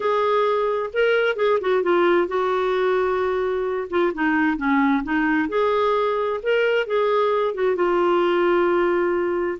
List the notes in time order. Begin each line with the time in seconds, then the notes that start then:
0.00 G#4
0.93 A#4
1.36 G#4
1.60 F#4
1.83 F4
2.27 F#4
3.90 F4
4.13 D#4
4.57 C#4
5.03 D#4
5.48 G#4
6.42 A#4
6.87 G#4
7.54 F#4
7.75 F4